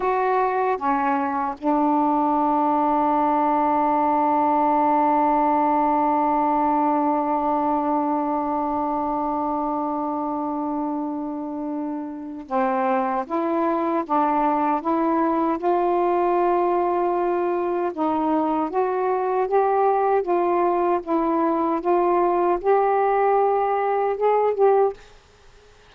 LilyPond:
\new Staff \with { instrumentName = "saxophone" } { \time 4/4 \tempo 4 = 77 fis'4 cis'4 d'2~ | d'1~ | d'1~ | d'1 |
c'4 e'4 d'4 e'4 | f'2. dis'4 | fis'4 g'4 f'4 e'4 | f'4 g'2 gis'8 g'8 | }